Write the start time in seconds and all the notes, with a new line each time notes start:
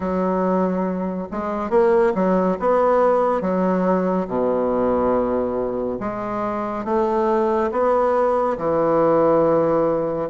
0.00 F#3
1.31 G#3
1.69 A#3
2.14 F#3
2.59 B3
3.41 F#3
4.27 B2
6.00 G#3
6.85 A3
7.71 B3
8.57 E3